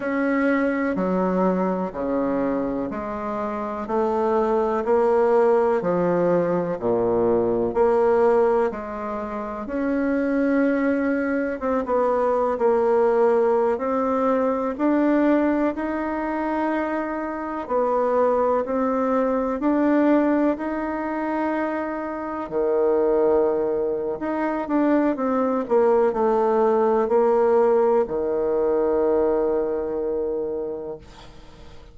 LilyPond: \new Staff \with { instrumentName = "bassoon" } { \time 4/4 \tempo 4 = 62 cis'4 fis4 cis4 gis4 | a4 ais4 f4 ais,4 | ais4 gis4 cis'2 | c'16 b8. ais4~ ais16 c'4 d'8.~ |
d'16 dis'2 b4 c'8.~ | c'16 d'4 dis'2 dis8.~ | dis4 dis'8 d'8 c'8 ais8 a4 | ais4 dis2. | }